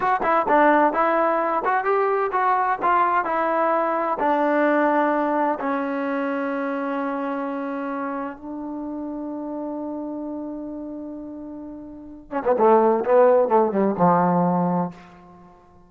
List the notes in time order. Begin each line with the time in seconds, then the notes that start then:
0.00 F#4
0.23 E4
0.48 D4
0.93 E4
1.64 F#4
1.84 G4
2.32 F#4
2.82 F4
3.25 E4
4.19 D4
5.59 C#4
8.36 D4
12.31 C#4
12.44 B3
12.58 A3
13.04 B3
13.48 A3
13.71 G3
13.97 F3